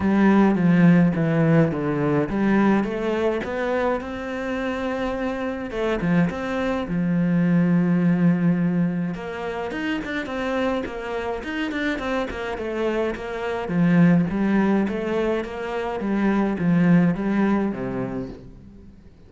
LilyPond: \new Staff \with { instrumentName = "cello" } { \time 4/4 \tempo 4 = 105 g4 f4 e4 d4 | g4 a4 b4 c'4~ | c'2 a8 f8 c'4 | f1 |
ais4 dis'8 d'8 c'4 ais4 | dis'8 d'8 c'8 ais8 a4 ais4 | f4 g4 a4 ais4 | g4 f4 g4 c4 | }